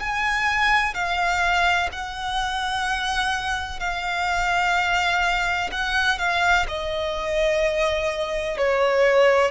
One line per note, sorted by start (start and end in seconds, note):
0.00 0.94 G#5
0.94 1.90 F5
1.93 3.80 F#5
3.80 5.71 F5
5.72 6.19 F#5
6.19 6.67 F5
6.68 8.58 D#5
8.58 9.52 C#5